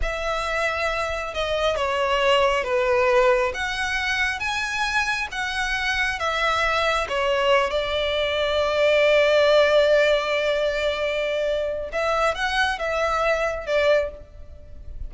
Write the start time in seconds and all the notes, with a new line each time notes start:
0.01 E5
1.34 D#5
1.76 C#5
2.64 B4
3.54 F#5
4.39 G#5
5.31 F#5
6.19 E5
7.08 C#5
7.70 D5
11.92 E5
12.34 F#5
12.78 E5
13.66 D5